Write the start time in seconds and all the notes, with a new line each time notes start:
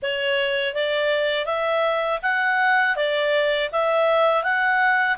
0.02 C#5
0.74 D5
1.45 E5
2.22 F#5
2.96 D5
3.71 E5
4.43 F#5